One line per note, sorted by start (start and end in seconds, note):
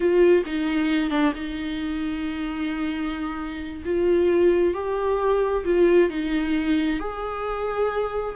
0.00 0.43 F4
0.46 1.10 D#4
1.10 1.32 D4
1.35 3.83 D#4
3.85 4.74 F4
4.74 5.64 G4
5.65 6.10 F4
6.10 6.99 D#4
6.99 8.35 G#4